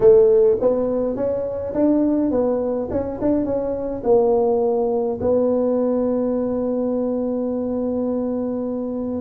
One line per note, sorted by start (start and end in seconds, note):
0.00 0.57 A3
0.61 1.16 B3
1.16 1.73 C#4
1.73 2.31 D4
2.31 2.88 B3
2.90 3.19 C#4
3.21 3.45 D4
3.45 4.02 C#4
4.03 5.18 A#3
5.20 9.21 B3